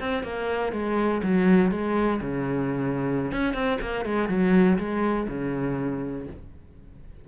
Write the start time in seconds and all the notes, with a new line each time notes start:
0.00 C4
0.24 A#3
0.73 G#3
1.23 F#3
1.72 G#3
2.22 C#3
3.32 C#4
3.54 C4
3.82 A#3
4.06 G#3
4.29 F#3
4.79 G#3
5.29 C#3